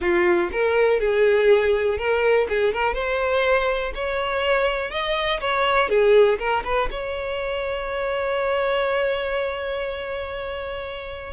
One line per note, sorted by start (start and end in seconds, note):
0.00 0.50 F4
0.51 1.00 A#4
1.00 1.98 G#4
1.98 2.47 A#4
2.48 2.73 G#4
2.73 2.94 A#4
2.94 3.92 C5
3.95 4.90 C#5
4.90 5.40 D#5
5.40 5.89 C#5
5.89 6.38 G#4
6.38 6.63 A#4
6.64 6.89 B4
6.91 11.33 C#5